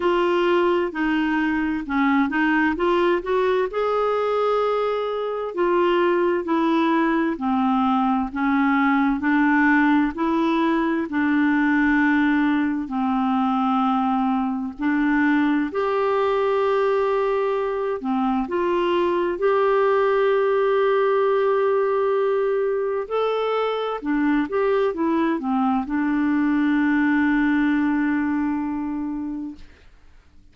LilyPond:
\new Staff \with { instrumentName = "clarinet" } { \time 4/4 \tempo 4 = 65 f'4 dis'4 cis'8 dis'8 f'8 fis'8 | gis'2 f'4 e'4 | c'4 cis'4 d'4 e'4 | d'2 c'2 |
d'4 g'2~ g'8 c'8 | f'4 g'2.~ | g'4 a'4 d'8 g'8 e'8 c'8 | d'1 | }